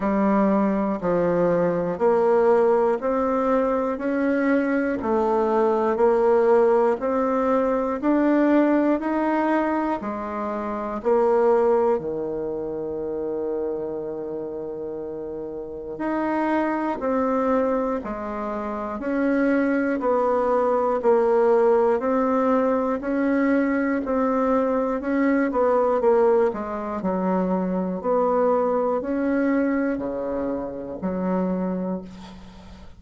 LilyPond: \new Staff \with { instrumentName = "bassoon" } { \time 4/4 \tempo 4 = 60 g4 f4 ais4 c'4 | cis'4 a4 ais4 c'4 | d'4 dis'4 gis4 ais4 | dis1 |
dis'4 c'4 gis4 cis'4 | b4 ais4 c'4 cis'4 | c'4 cis'8 b8 ais8 gis8 fis4 | b4 cis'4 cis4 fis4 | }